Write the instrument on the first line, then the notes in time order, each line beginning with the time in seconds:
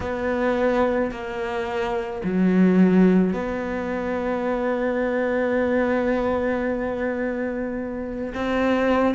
cello
0.00 B3
1.11 A#3
2.24 F#3
3.33 B3
8.34 C4